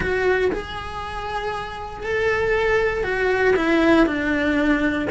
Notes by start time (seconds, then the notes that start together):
0.00 F#4
0.52 G#4
2.03 A4
3.03 F#4
3.56 E4
4.06 D4